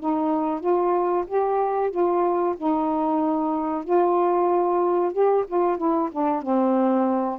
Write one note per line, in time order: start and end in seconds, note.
0.00 0.60 D#4
0.60 1.25 F4
1.27 1.91 G4
1.91 2.55 F4
2.57 3.84 D#4
3.84 5.13 F4
5.13 5.45 G4
5.48 5.77 F4
5.77 6.10 E4
6.12 6.42 D4
6.42 7.39 C4